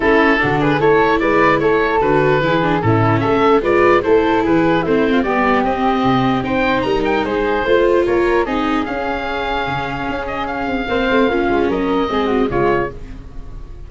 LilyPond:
<<
  \new Staff \with { instrumentName = "oboe" } { \time 4/4 \tempo 4 = 149 a'4. b'8 cis''4 d''4 | cis''4 b'2 a'4 | e''4 d''4 c''4 b'4 | c''4 d''4 dis''2 |
g''4 ais''8 g''8 c''2 | cis''4 dis''4 f''2~ | f''4. dis''8 f''2~ | f''4 dis''2 cis''4 | }
  \new Staff \with { instrumentName = "flute" } { \time 4/4 e'4 fis'8 gis'8 a'4 b'4 | a'2 gis'4 e'4 | a'4 b'4 a'4 gis'4 | e'8. f'16 g'2. |
c''4 ais'4 gis'4 c''4 | ais'4 gis'2.~ | gis'2. c''4 | f'4 ais'4 gis'8 fis'8 f'4 | }
  \new Staff \with { instrumentName = "viola" } { \time 4/4 cis'4 d'4 e'2~ | e'4 fis'4 e'8 d'8 cis'4~ | cis'4 f'4 e'2 | c'4 b4 c'2 |
dis'2. f'4~ | f'4 dis'4 cis'2~ | cis'2. c'4 | cis'2 c'4 gis4 | }
  \new Staff \with { instrumentName = "tuba" } { \time 4/4 a4 d4 a4 gis4 | a4 d4 e4 a,4 | a4 gis4 a4 e4 | a4 g4 c'4 c4 |
c'4 g4 gis4 a4 | ais4 c'4 cis'2 | cis4 cis'4. c'8 ais8 a8 | ais8 gis8 fis4 gis4 cis4 | }
>>